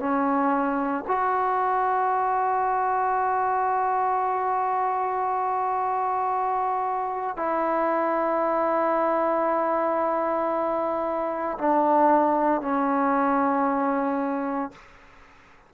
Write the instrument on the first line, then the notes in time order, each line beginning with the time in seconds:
trombone
0.00 C#4
1.08 F#4
7.37 E4
11.58 D4
12.62 C#4